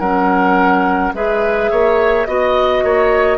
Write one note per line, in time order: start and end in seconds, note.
0.00 1.13 F#3
0.00 1.14 C#4
0.00 1.13 A#4
0.00 1.13 F#5
1.14 1.70 G#3
1.14 2.28 G#4
1.14 1.71 B4
1.14 2.26 E5
1.71 2.27 A#3
1.71 2.28 C#5
2.26 2.83 B3
2.26 3.38 F#4
2.26 3.38 D#5
2.26 2.84 D#5
2.83 3.38 A#3
2.83 3.38 C#5